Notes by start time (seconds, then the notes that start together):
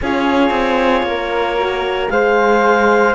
0.02 C#4 F4 G#4 C#5
0.50 C4
1.02 A#3 A#4
1.58 F#4
2.08 G#3 G#4 C5 F5